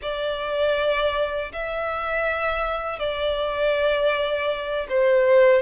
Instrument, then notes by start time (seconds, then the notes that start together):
violin
0.01 D5
1.52 E5
2.99 D5
4.89 C5